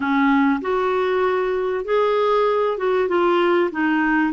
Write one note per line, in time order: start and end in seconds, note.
0.00 0.60 C#4
0.61 1.84 F#4
1.84 2.77 G#4
2.77 3.08 F#4
3.08 3.70 F4
3.71 4.32 D#4